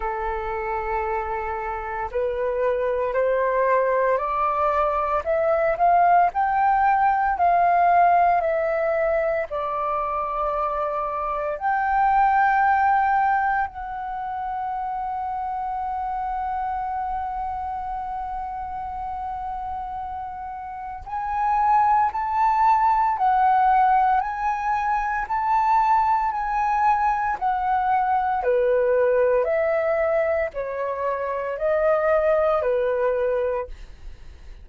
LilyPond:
\new Staff \with { instrumentName = "flute" } { \time 4/4 \tempo 4 = 57 a'2 b'4 c''4 | d''4 e''8 f''8 g''4 f''4 | e''4 d''2 g''4~ | g''4 fis''2.~ |
fis''1 | gis''4 a''4 fis''4 gis''4 | a''4 gis''4 fis''4 b'4 | e''4 cis''4 dis''4 b'4 | }